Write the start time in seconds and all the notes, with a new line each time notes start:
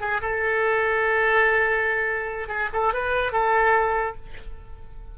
0.00 G#4
0.21 A4
2.48 G#4
2.73 A4
2.93 B4
3.32 A4